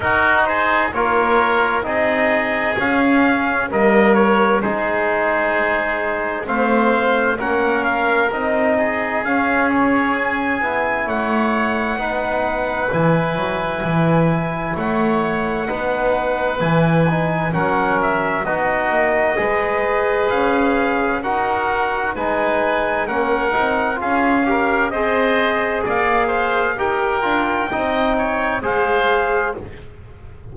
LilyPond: <<
  \new Staff \with { instrumentName = "trumpet" } { \time 4/4 \tempo 4 = 65 ais'8 c''8 cis''4 dis''4 f''4 | dis''8 cis''8 c''2 f''4 | fis''8 f''8 dis''4 f''8 cis''8 gis''4 | fis''2 gis''2 |
fis''2 gis''4 fis''8 e''8 | dis''2 f''4 fis''4 | gis''4 fis''4 f''4 dis''4 | f''4 g''2 f''4 | }
  \new Staff \with { instrumentName = "oboe" } { \time 4/4 fis'8 gis'8 ais'4 gis'2 | ais'4 gis'2 c''4 | ais'4. gis'2~ gis'8 | cis''4 b'2. |
cis''4 b'2 ais'4 | fis'4 b'2 ais'4 | b'4 ais'4 gis'8 ais'8 c''4 | d''8 c''8 ais'4 dis''8 cis''8 c''4 | }
  \new Staff \with { instrumentName = "trombone" } { \time 4/4 dis'4 f'4 dis'4 cis'4 | ais4 dis'2 c'4 | cis'4 dis'4 cis'4. e'8~ | e'4 dis'4 e'2~ |
e'4 dis'4 e'8 dis'8 cis'4 | dis'4 gis'2 fis'4 | dis'4 cis'8 dis'8 f'8 g'8 gis'4~ | gis'4 g'8 f'8 dis'4 gis'4 | }
  \new Staff \with { instrumentName = "double bass" } { \time 4/4 dis'4 ais4 c'4 cis'4 | g4 gis2 a4 | ais4 c'4 cis'4. b8 | a4 b4 e8 fis8 e4 |
a4 b4 e4 fis4 | b8 ais8 gis4 cis'4 dis'4 | gis4 ais8 c'8 cis'4 c'4 | ais4 dis'8 d'8 c'4 gis4 | }
>>